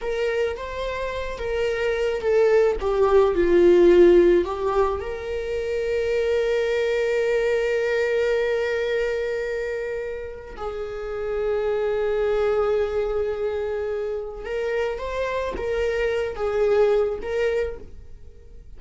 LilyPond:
\new Staff \with { instrumentName = "viola" } { \time 4/4 \tempo 4 = 108 ais'4 c''4. ais'4. | a'4 g'4 f'2 | g'4 ais'2.~ | ais'1~ |
ais'2. gis'4~ | gis'1~ | gis'2 ais'4 c''4 | ais'4. gis'4. ais'4 | }